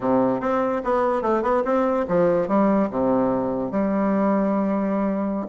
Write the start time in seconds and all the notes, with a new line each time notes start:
0.00 C3
0.40 C4
0.84 B3
1.22 A3
1.42 B3
1.64 C4
2.08 F3
2.48 G3
2.90 C3
3.71 G3